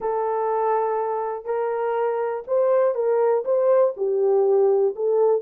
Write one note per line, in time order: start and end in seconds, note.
0.00 1.45 A4
1.45 2.43 A#4
2.47 2.94 C5
2.94 3.44 A#4
3.44 3.94 C5
3.96 4.94 G4
4.95 5.41 A4